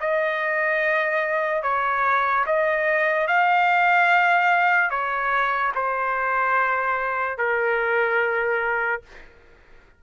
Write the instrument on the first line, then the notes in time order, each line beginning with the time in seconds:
trumpet
0.00 D#5
1.63 C#5
2.46 D#5
3.27 F5
4.90 C#5
5.75 C5
7.37 A#4